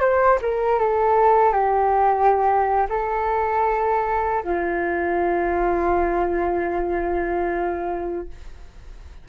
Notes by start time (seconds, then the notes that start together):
0.00 C5
0.41 A#4
0.79 A4
1.52 G4
2.89 A4
4.43 F4